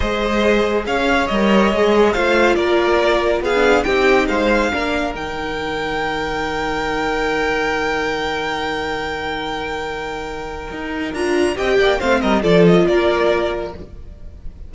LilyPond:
<<
  \new Staff \with { instrumentName = "violin" } { \time 4/4 \tempo 4 = 140 dis''2 f''4 dis''4~ | dis''4 f''4 d''2 | f''4 g''4 f''2 | g''1~ |
g''1~ | g''1~ | g''2 ais''4 g''4 | f''8 dis''8 d''8 dis''8 d''2 | }
  \new Staff \with { instrumentName = "violin" } { \time 4/4 c''2 cis''2~ | cis''4 c''4 ais'2 | gis'4 g'4 c''4 ais'4~ | ais'1~ |
ais'1~ | ais'1~ | ais'2. dis''8 d''8 | c''8 ais'8 a'4 ais'2 | }
  \new Staff \with { instrumentName = "viola" } { \time 4/4 gis'2. ais'4 | gis'4 f'2.~ | f'16 d'8. dis'2 d'4 | dis'1~ |
dis'1~ | dis'1~ | dis'2 f'4 g'4 | c'4 f'2. | }
  \new Staff \with { instrumentName = "cello" } { \time 4/4 gis2 cis'4 g4 | gis4 a4 ais2 | b4 c'4 gis4 ais4 | dis1~ |
dis1~ | dis1~ | dis4 dis'4 d'4 c'8 ais8 | a8 g8 f4 ais2 | }
>>